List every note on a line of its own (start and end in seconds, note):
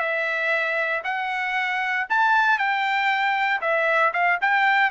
0.00 1.03 E5
1.05 2.07 F#5
2.10 2.59 A5
2.59 3.62 G5
3.62 4.13 E5
4.14 4.39 F5
4.42 4.91 G5